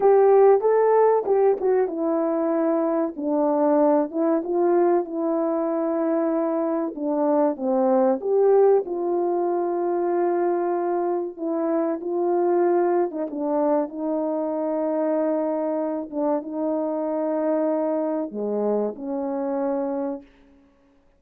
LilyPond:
\new Staff \with { instrumentName = "horn" } { \time 4/4 \tempo 4 = 95 g'4 a'4 g'8 fis'8 e'4~ | e'4 d'4. e'8 f'4 | e'2. d'4 | c'4 g'4 f'2~ |
f'2 e'4 f'4~ | f'8. dis'16 d'4 dis'2~ | dis'4. d'8 dis'2~ | dis'4 gis4 cis'2 | }